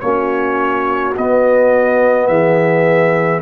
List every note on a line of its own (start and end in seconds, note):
0.00 1.16 A#3
0.00 1.15 C#4
0.00 2.29 F#4
0.00 1.13 C#5
1.17 2.28 B3
1.17 3.41 B3
1.17 2.27 D#5
2.27 3.41 E3
2.27 3.41 G#4
2.27 3.41 E5